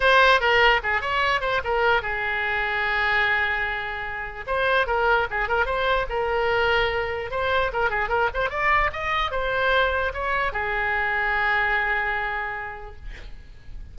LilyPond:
\new Staff \with { instrumentName = "oboe" } { \time 4/4 \tempo 4 = 148 c''4 ais'4 gis'8 cis''4 c''8 | ais'4 gis'2.~ | gis'2. c''4 | ais'4 gis'8 ais'8 c''4 ais'4~ |
ais'2 c''4 ais'8 gis'8 | ais'8 c''8 d''4 dis''4 c''4~ | c''4 cis''4 gis'2~ | gis'1 | }